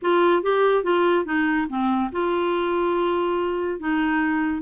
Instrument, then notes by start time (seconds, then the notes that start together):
clarinet
0.02 F4
0.42 G4
0.83 F4
1.25 D#4
1.69 C4
2.12 F4
3.79 D#4